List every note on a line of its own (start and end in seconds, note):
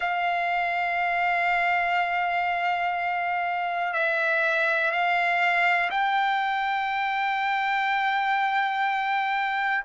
0.00 3.93 F5
3.93 4.91 E5
4.91 5.90 F5
5.90 9.84 G5